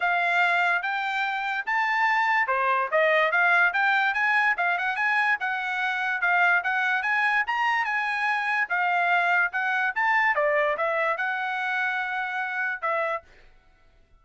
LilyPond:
\new Staff \with { instrumentName = "trumpet" } { \time 4/4 \tempo 4 = 145 f''2 g''2 | a''2 c''4 dis''4 | f''4 g''4 gis''4 f''8 fis''8 | gis''4 fis''2 f''4 |
fis''4 gis''4 ais''4 gis''4~ | gis''4 f''2 fis''4 | a''4 d''4 e''4 fis''4~ | fis''2. e''4 | }